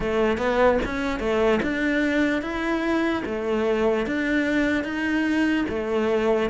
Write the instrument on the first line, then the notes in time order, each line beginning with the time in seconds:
cello
0.00 A3
0.37 B3
0.85 C#4
1.19 A3
1.62 D4
2.41 E4
3.25 A3
4.06 D4
4.84 D#4
5.68 A3